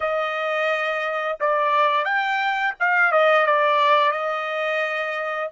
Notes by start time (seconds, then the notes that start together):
0.00 D#5
1.39 D5
2.04 G5
2.79 F5
3.12 D#5
3.46 D5
4.11 D#5